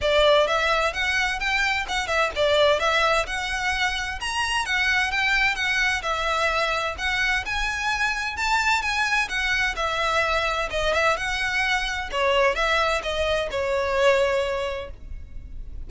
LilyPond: \new Staff \with { instrumentName = "violin" } { \time 4/4 \tempo 4 = 129 d''4 e''4 fis''4 g''4 | fis''8 e''8 d''4 e''4 fis''4~ | fis''4 ais''4 fis''4 g''4 | fis''4 e''2 fis''4 |
gis''2 a''4 gis''4 | fis''4 e''2 dis''8 e''8 | fis''2 cis''4 e''4 | dis''4 cis''2. | }